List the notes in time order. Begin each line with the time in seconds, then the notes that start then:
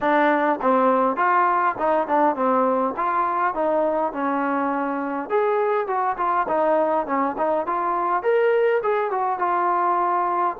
0.01 D4
0.61 C4
1.16 F4
1.78 D#4
2.07 D4
2.35 C4
2.96 F4
3.54 D#4
4.13 C#4
5.29 G#4
5.87 F#4
6.17 F4
6.48 D#4
7.06 C#4
7.37 D#4
7.66 F4
8.22 A#4
8.82 G#4
9.10 F#4
9.39 F4